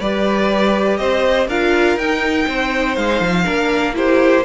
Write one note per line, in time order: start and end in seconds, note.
0.00 0.99 G3
0.00 1.49 G4
0.00 0.99 B4
0.00 0.98 D5
0.98 1.48 C4
0.98 1.48 C5
0.98 1.47 D#5
1.48 1.97 D4
1.48 2.00 F4
1.48 2.47 A#4
1.48 1.99 F5
1.97 2.46 D#4
1.97 3.45 D#4
1.97 2.96 G5
2.48 2.98 C4
2.48 3.45 C5
2.96 3.21 G#3
2.96 3.96 F5
3.21 3.46 F3
3.45 4.45 A#3
3.45 3.94 D4
3.45 3.94 A#4
3.94 4.43 E4
3.94 4.45 G4
3.94 4.45 C5